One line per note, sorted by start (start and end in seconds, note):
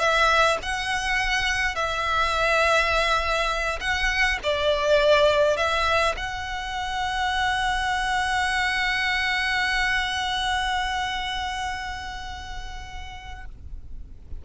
0.00 0.58 E5
0.63 1.76 F#5
1.76 3.79 E5
3.81 4.39 F#5
4.44 5.57 D5
5.57 6.16 E5
6.17 13.46 F#5